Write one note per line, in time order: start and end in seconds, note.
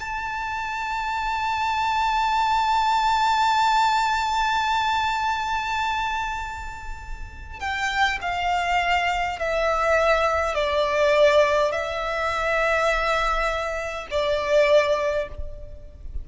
0.00 7.60 A5
7.60 8.19 G5
8.21 9.39 F5
9.39 10.55 E5
10.55 11.72 D5
11.72 14.07 E5
14.11 15.28 D5